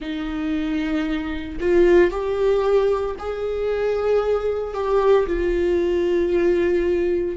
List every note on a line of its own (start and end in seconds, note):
0.00 1.58 D#4
1.60 2.11 F4
2.11 3.16 G4
3.18 4.74 G#4
4.74 5.26 G4
5.26 7.36 F4